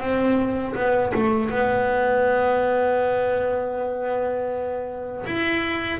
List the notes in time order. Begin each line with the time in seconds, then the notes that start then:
0.00 C4
0.75 B3
1.14 A3
1.50 B3
5.26 E4